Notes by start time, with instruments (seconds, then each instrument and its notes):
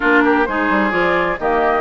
0.00 bassoon A#3, clarinet D4, oboe F4, flute A#4
0.24 oboe G4
0.45 bassoon G#3, clarinet D#4, oboe G#4, flute C5
0.69 bassoon G3
0.90 bassoon F3, clarinet F4, flute D5
1.39 bassoon D#3, clarinet A#3, oboe G4, flute D#5